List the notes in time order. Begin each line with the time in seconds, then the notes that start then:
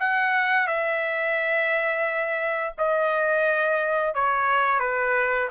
0.00 F#5
0.68 E5
2.78 D#5
4.15 C#5
4.80 B4